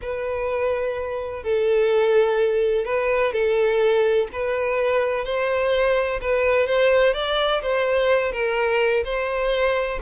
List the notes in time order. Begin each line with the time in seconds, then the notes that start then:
0.01 B4
1.43 A4
2.85 B4
3.32 A4
4.32 B4
5.24 C5
6.21 B4
6.66 C5
7.13 D5
7.61 C5
8.32 A#4
9.04 C5